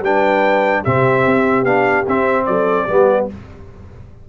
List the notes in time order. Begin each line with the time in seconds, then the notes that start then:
0.00 G3 D4 B4 G5
0.82 C3 C4 G4 E5
1.26 C4
1.63 B3 D4 F5
2.07 C4 E5
2.45 F#3 A4 D5
2.85 G3 B3 G4